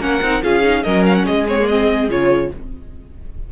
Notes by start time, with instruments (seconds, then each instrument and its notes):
0.00 cello A#3, viola C#4, violin A#4 F#5
0.22 cello C4, viola D#4
0.43 cello C#4, viola F4, violin G#4 F5
0.62 viola D#4
0.83 cello F#3, viola C#4, violin A#4 D#5
1.06 violin F5
1.15 violin F#5
1.25 cello G#3, violin G#4 D#5
1.48 viola C4, violin C#5
1.61 viola A#3
1.67 viola C4, violin D#5
2.09 cello C#3, viola F4, violin C#5